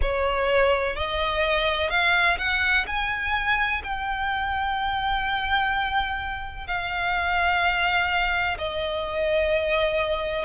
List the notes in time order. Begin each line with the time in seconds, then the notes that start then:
0.01 C#5
0.95 D#5
1.90 F5
2.38 F#5
2.86 G#5
3.83 G5
6.67 F5
8.58 D#5